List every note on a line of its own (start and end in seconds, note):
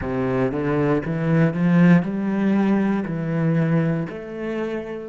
0.00 0.51 C3
0.51 1.02 D3
1.05 1.53 E3
1.53 2.02 F3
2.02 3.04 G3
3.05 4.07 E3
4.09 5.09 A3